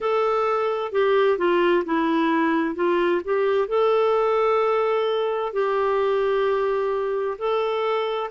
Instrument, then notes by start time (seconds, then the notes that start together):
clarinet
0.00 A4
0.91 G4
1.38 F4
1.85 E4
2.75 F4
3.24 G4
3.68 A4
5.53 G4
7.38 A4